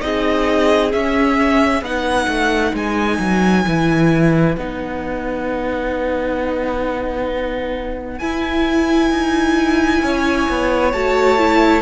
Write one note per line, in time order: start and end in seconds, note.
0.00 0.94 C4
0.00 0.91 D#4
0.00 1.85 G#4
0.00 0.92 D#5
0.92 1.84 C#4
0.92 1.81 C#4
0.92 1.83 E5
1.81 2.27 B3
1.81 3.65 D#4
1.81 10.03 B4
1.81 2.75 F#5
2.27 2.73 A3
2.73 3.19 G#3
2.73 4.56 G#5
3.20 3.65 F#3
3.65 4.57 E3
3.65 4.56 E4
4.56 8.20 B3
4.56 8.21 D#4
4.56 8.19 F#5
8.19 9.11 E4
8.19 10.94 E4
8.19 10.91 G#5
9.11 10.02 D#4
10.02 10.48 C#4
10.02 11.82 C#5
10.49 10.94 B3
10.93 11.82 A3
10.93 11.38 F#4
10.93 11.82 A5
11.38 11.82 E4